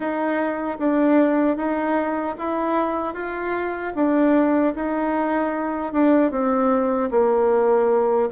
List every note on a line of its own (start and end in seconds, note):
0.00 0.78 D#4
0.79 1.56 D4
1.56 2.35 D#4
2.38 3.14 E4
3.14 3.93 F4
3.95 4.74 D4
4.75 5.92 D#4
5.92 6.31 D4
6.31 7.10 C4
7.11 8.29 A#3